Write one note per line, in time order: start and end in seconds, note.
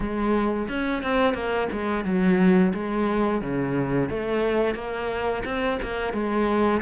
0.00 0.68 G#3
0.68 1.02 C#4
1.03 1.34 C4
1.34 1.68 A#3
1.72 2.04 G#3
2.04 2.72 F#3
2.73 3.41 G#3
3.41 4.09 C#3
4.09 4.74 A3
4.74 5.43 A#3
5.45 5.79 C4
5.82 6.13 A#3
6.13 6.81 G#3